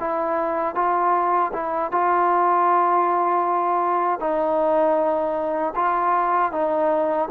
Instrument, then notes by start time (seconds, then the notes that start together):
trombone
0.00 E4
0.75 F4
1.53 E4
1.91 F4
4.20 D#4
5.76 F4
6.52 D#4